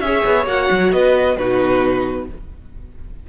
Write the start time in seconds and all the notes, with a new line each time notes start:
0.00 C#4 G#4 C#5 E5
0.25 B3
0.46 A#3 F#4 F#5
0.71 F#3
0.92 B3 B4 D#5
1.37 B2 D#4 F#4 B4